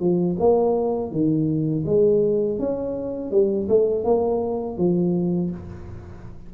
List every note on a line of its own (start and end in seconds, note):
0.00 0.37 F3
0.39 1.11 A#3
1.11 1.85 D#3
1.86 2.59 G#3
2.59 3.32 C#4
3.32 3.68 G3
3.69 4.05 A3
4.05 4.78 A#3
4.78 5.51 F3